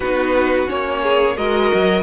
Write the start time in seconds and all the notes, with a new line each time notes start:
0.00 B3 D#4 F#4 B4
0.67 A#3 C#4 C#5
1.02 G#4
1.37 G#3 F#4 A#4 D#5
1.73 F#3